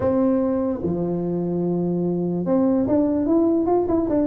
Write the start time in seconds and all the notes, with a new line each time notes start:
0.00 C4
0.82 F3
2.45 C4
2.87 D4
3.26 E4
3.66 F4
3.88 E4
4.09 D4